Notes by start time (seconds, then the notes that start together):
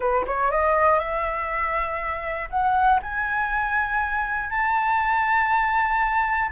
0.00 B4
0.26 C#5
0.51 D#5
0.99 E5
2.50 F#5
3.02 G#5
4.50 A5